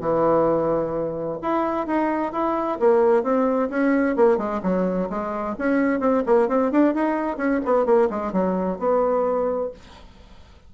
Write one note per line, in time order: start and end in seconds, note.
0.00 1.38 E3
1.42 1.87 E4
1.87 2.32 D#4
2.32 2.78 E4
2.79 3.23 A#3
3.23 3.69 C4
3.69 4.15 C#4
4.16 4.37 A#3
4.37 4.60 G#3
4.62 5.08 F#3
5.09 5.55 G#3
5.58 6.00 C#4
6.00 6.23 C4
6.26 6.48 A#3
6.48 6.71 C4
6.71 6.94 D4
6.94 7.37 D#4
7.37 7.60 C#4
7.65 7.85 B3
7.85 8.08 A#3
8.10 8.32 G#3
8.32 8.78 F#3
8.78 9.71 B3